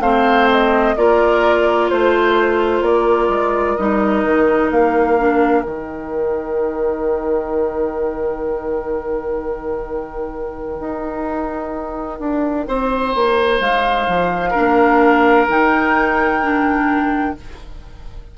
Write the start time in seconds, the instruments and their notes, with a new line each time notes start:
0.00 bassoon A3, clarinet C4, oboe C5, flute F5
0.51 flute D#5
0.96 bassoon A#3, clarinet F4, oboe A#4, flute D5
1.89 bassoon A3, flute C5, oboe C5
2.81 bassoon A#3, oboe A#4, flute D5
3.29 bassoon G#3
3.76 bassoon G3, clarinet D#4, flute D#5
4.24 bassoon D#3
4.71 bassoon A#3, flute F5
5.18 clarinet D4
5.62 bassoon D#3, clarinet D#4, flute G5
10.80 bassoon D#4
12.20 bassoon D4
12.68 bassoon C4, oboe C5
13.15 bassoon A#3
13.60 bassoon G#3, flute F5
14.08 bassoon F3
14.50 clarinet D4, oboe A#4
14.58 bassoon A#3
15.48 bassoon D#3, clarinet D#4, flute G5
16.42 clarinet D4